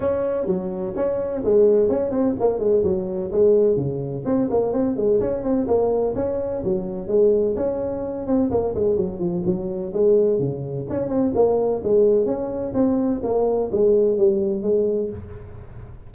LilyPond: \new Staff \with { instrumentName = "tuba" } { \time 4/4 \tempo 4 = 127 cis'4 fis4 cis'4 gis4 | cis'8 c'8 ais8 gis8 fis4 gis4 | cis4 c'8 ais8 c'8 gis8 cis'8 c'8 | ais4 cis'4 fis4 gis4 |
cis'4. c'8 ais8 gis8 fis8 f8 | fis4 gis4 cis4 cis'8 c'8 | ais4 gis4 cis'4 c'4 | ais4 gis4 g4 gis4 | }